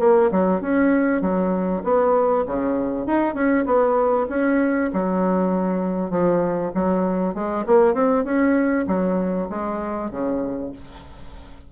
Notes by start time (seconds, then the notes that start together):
0.00 A#3
0.31 F#3
0.62 C#4
1.22 F#3
1.84 B3
2.47 C#3
3.07 D#4
3.35 C#4
3.66 B3
4.30 C#4
4.93 F#3
6.11 F3
6.75 F#3
7.35 G#3
7.67 A#3
7.95 C4
8.25 C#4
8.87 F#3
9.50 G#3
10.11 C#3